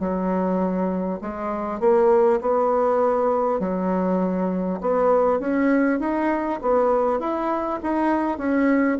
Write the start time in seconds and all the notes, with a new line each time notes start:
0.00 F#3
1.21 G#3
1.81 A#3
2.41 B3
3.60 F#3
4.81 B3
5.40 C#4
5.99 D#4
6.62 B3
7.20 E4
7.83 D#4
8.38 C#4